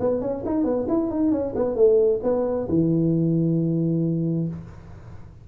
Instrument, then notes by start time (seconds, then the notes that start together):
tuba
0.00 B3
0.21 C#4
0.46 D#4
0.65 B3
0.88 E4
1.11 D#4
1.32 C#4
1.56 B3
1.76 A3
2.23 B3
2.69 E3